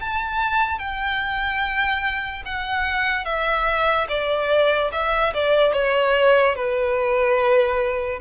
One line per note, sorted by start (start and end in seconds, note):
0.00 0.78 A5
0.78 2.42 G5
2.45 3.25 F#5
3.25 4.07 E5
4.08 4.91 D5
4.92 5.33 E5
5.33 5.73 D5
5.73 6.55 C#5
6.55 8.20 B4